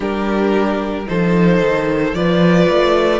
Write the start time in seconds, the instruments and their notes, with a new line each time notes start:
0.00 cello G3, viola D4, violin G4 A#4
1.06 cello F3, viola D#4, violin A4 C5
1.60 cello D#3
2.13 cello F3, viola F4, violin B4 D5
2.68 cello A3